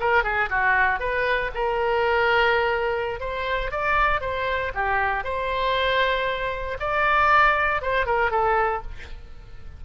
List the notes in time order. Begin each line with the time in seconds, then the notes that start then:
0.00 A#4
0.24 G#4
0.50 F#4
1.00 B4
1.54 A#4
3.20 C5
3.71 D5
4.21 C5
4.75 G4
5.24 C5
6.80 D5
7.82 C5
8.06 A#4
8.31 A4